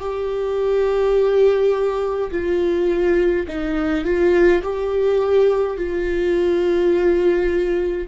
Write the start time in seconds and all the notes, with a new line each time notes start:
0.00 G4
2.32 F4
3.48 D#4
4.05 F4
4.63 G4
5.77 F4